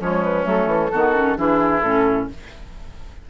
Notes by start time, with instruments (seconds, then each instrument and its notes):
0.00 bassoon F3, clarinet G#3, oboe C#4, flute C#5
0.23 flute B4
0.44 bassoon F#3, clarinet A3, flute A4
0.66 bassoon E3
0.92 bassoon D#3, clarinet B3, oboe F#4
1.15 clarinet C#4
1.37 bassoon E3, clarinet D4, oboe E4, flute G#4
1.82 bassoon A2, clarinet C#4, flute A4